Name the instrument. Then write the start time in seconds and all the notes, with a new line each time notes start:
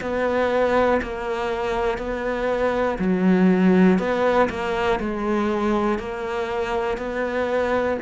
cello
0.00 B3
1.01 A#3
1.98 B3
2.98 F#3
3.98 B3
4.49 A#3
5.00 G#3
5.98 A#3
6.97 B3